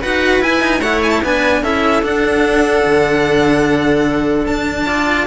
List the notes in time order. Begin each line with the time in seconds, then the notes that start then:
0.00 D#4 F#4 B4 F#5
0.40 E4 G#5
0.61 D#4
0.79 A3 E4 C#5 F#5
1.03 G#5
1.10 A5
1.22 B3 D4 B4 G#5
1.62 C#4 E4 A4 E5
2.02 D4 F#5
2.85 D3
4.46 D4 A5
4.86 F4 D5